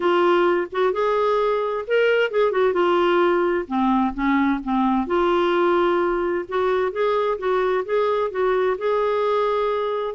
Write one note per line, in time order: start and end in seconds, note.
0.00 0.67 F4
0.72 0.92 F#4
0.92 1.85 G#4
1.87 2.30 A#4
2.30 2.51 G#4
2.51 2.73 F#4
2.73 3.65 F4
3.67 4.13 C4
4.13 4.60 C#4
4.63 5.06 C4
5.06 6.45 F4
6.48 6.92 F#4
6.92 7.38 G#4
7.38 7.84 F#4
7.85 8.30 G#4
8.30 8.77 F#4
8.78 10.14 G#4